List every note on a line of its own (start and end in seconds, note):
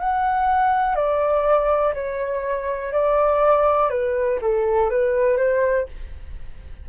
0.00 0.96 F#5
0.96 1.94 D5
1.94 2.93 C#5
2.93 3.91 D5
3.91 4.40 B4
4.42 4.90 A4
4.90 5.37 B4
5.37 5.87 C5